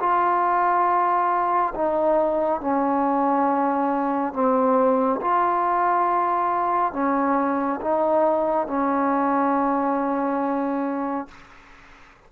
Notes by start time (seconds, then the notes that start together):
0.00 F4
1.75 D#4
2.61 C#4
4.34 C4
5.22 F4
6.93 C#4
7.81 D#4
8.67 C#4